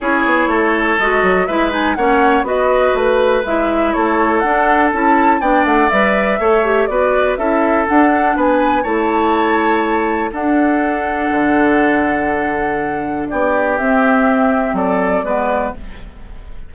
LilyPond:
<<
  \new Staff \with { instrumentName = "flute" } { \time 4/4 \tempo 4 = 122 cis''2 dis''4 e''8 gis''8 | fis''4 dis''4 b'4 e''4 | cis''4 fis''4 a''4 g''8 fis''8 | e''2 d''4 e''4 |
fis''4 gis''4 a''2~ | a''4 fis''2.~ | fis''2. d''4 | e''2 d''2 | }
  \new Staff \with { instrumentName = "oboe" } { \time 4/4 gis'4 a'2 b'4 | cis''4 b'2. | a'2. d''4~ | d''4 cis''4 b'4 a'4~ |
a'4 b'4 cis''2~ | cis''4 a'2.~ | a'2. g'4~ | g'2 a'4 b'4 | }
  \new Staff \with { instrumentName = "clarinet" } { \time 4/4 e'2 fis'4 e'8 dis'8 | cis'4 fis'2 e'4~ | e'4 d'4 e'4 d'4 | b'4 a'8 g'8 fis'4 e'4 |
d'2 e'2~ | e'4 d'2.~ | d'1 | c'2. b4 | }
  \new Staff \with { instrumentName = "bassoon" } { \time 4/4 cis'8 b8 a4 gis8 fis8 gis4 | ais4 b4 a4 gis4 | a4 d'4 cis'4 b8 a8 | g4 a4 b4 cis'4 |
d'4 b4 a2~ | a4 d'2 d4~ | d2. b4 | c'2 fis4 gis4 | }
>>